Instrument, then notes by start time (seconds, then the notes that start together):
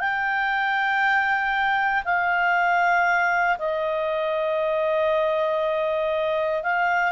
clarinet
0.00 G5
2.05 F5
3.59 D#5
6.63 F5